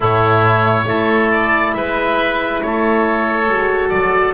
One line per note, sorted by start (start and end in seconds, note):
0.00 0.86 A2
0.00 0.85 A3
0.00 0.84 E4
0.00 1.31 C#5
0.85 1.73 A3
0.85 3.45 E4
0.85 1.75 A4
1.31 1.73 D5
1.73 2.61 G#3
1.73 2.64 B4
1.73 2.60 E5
2.62 3.48 A3
2.62 4.34 A4
2.62 3.89 C#5
3.48 3.91 G#3
3.48 4.34 F#4
3.89 4.34 F#3
3.89 4.32 D5